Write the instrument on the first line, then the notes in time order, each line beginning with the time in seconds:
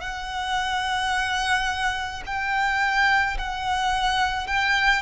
violin
0.00 F#5
2.26 G5
3.38 F#5
4.46 G5